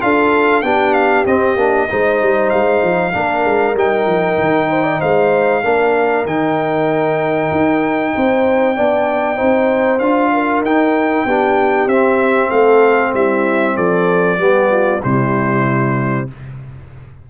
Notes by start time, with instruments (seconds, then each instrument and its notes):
0.00 tuba D4, trombone F4, horn A4, trumpet F5
0.62 tuba B3, trombone D4, horn G4, trumpet G5
0.93 trumpet F5
1.25 tuba C4, trombone C4, trumpet D#5
1.56 tuba A#3, trombone D4
1.89 tuba G#3, trombone D#4, horn C5
2.21 tuba G3
2.49 tuba G#3, trumpet F5
2.82 tuba F3
3.13 tuba A#3, trombone D4, horn A#4
3.44 tuba G#3
3.75 tuba G3, trombone D#4, trumpet G5
4.06 tuba F3
4.38 tuba D#3
4.69 horn C5
4.83 horn D5
4.99 tuba G#3, horn C5, trumpet F5
5.63 tuba A#3, trombone D4, horn A#4
6.25 tuba D#3, trombone D#4, trumpet G5
7.51 tuba D#4
8.15 tuba C4, horn C5
8.76 tuba B3, trombone D4, horn D5
9.36 tuba C4, trombone D#4, horn C5
9.99 tuba D4, trombone F4, trumpet F5
10.33 horn A#4
10.61 tuba D#4, trombone D#4, trumpet G5
11.25 tuba B3, trombone D4, horn G4
11.86 tuba C4, trombone C4, trumpet E5
12.49 tuba A3, horn A4, trumpet F5
13.14 tuba G3, horn E4, trumpet E5
13.75 tuba F3, horn A4, trumpet D5
14.38 tuba G3, trombone B3, horn G4
14.71 horn F4
15.03 tuba C3, trombone G3, horn E4, trumpet C5